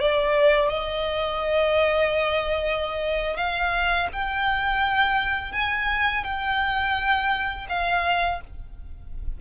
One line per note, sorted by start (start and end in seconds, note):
0.00 0.69 D5
0.69 3.37 D#5
3.37 4.08 F5
4.13 5.52 G5
5.52 6.24 G#5
6.24 7.67 G5
7.69 8.41 F5